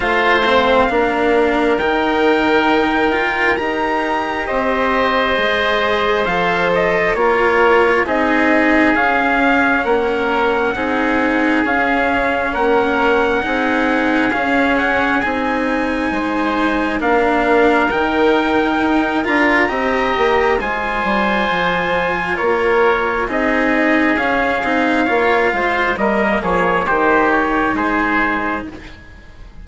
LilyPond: <<
  \new Staff \with { instrumentName = "trumpet" } { \time 4/4 \tempo 4 = 67 f''2 g''2 | ais''4 dis''2 f''8 dis''8 | cis''4 dis''4 f''4 fis''4~ | fis''4 f''4 fis''2 |
f''8 fis''8 gis''2 f''4 | g''4. ais''4. gis''4~ | gis''4 cis''4 dis''4 f''4~ | f''4 dis''8 cis''8 c''8 cis''8 c''4 | }
  \new Staff \with { instrumentName = "oboe" } { \time 4/4 c''4 ais'2.~ | ais'4 c''2. | ais'4 gis'2 ais'4 | gis'2 ais'4 gis'4~ |
gis'2 c''4 ais'4~ | ais'2 dis''4 c''4~ | c''4 ais'4 gis'2 | cis''8 c''8 ais'8 gis'8 g'4 gis'4 | }
  \new Staff \with { instrumentName = "cello" } { \time 4/4 f'8 c'8 d'4 dis'4. f'8 | g'2 gis'4 a'4 | f'4 dis'4 cis'2 | dis'4 cis'2 dis'4 |
cis'4 dis'2 d'4 | dis'4. f'8 g'4 f'4~ | f'2 dis'4 cis'8 dis'8 | f'4 ais4 dis'2 | }
  \new Staff \with { instrumentName = "bassoon" } { \time 4/4 a4 ais4 dis2 | dis'4 c'4 gis4 f4 | ais4 c'4 cis'4 ais4 | c'4 cis'4 ais4 c'4 |
cis'4 c'4 gis4 ais4 | dis4 dis'8 d'8 c'8 ais8 gis8 g8 | f4 ais4 c'4 cis'8 c'8 | ais8 gis8 g8 f8 dis4 gis4 | }
>>